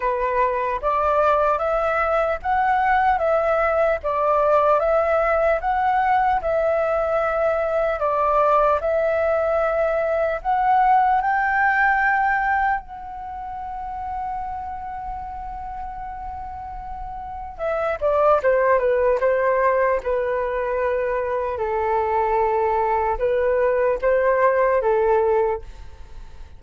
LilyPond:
\new Staff \with { instrumentName = "flute" } { \time 4/4 \tempo 4 = 75 b'4 d''4 e''4 fis''4 | e''4 d''4 e''4 fis''4 | e''2 d''4 e''4~ | e''4 fis''4 g''2 |
fis''1~ | fis''2 e''8 d''8 c''8 b'8 | c''4 b'2 a'4~ | a'4 b'4 c''4 a'4 | }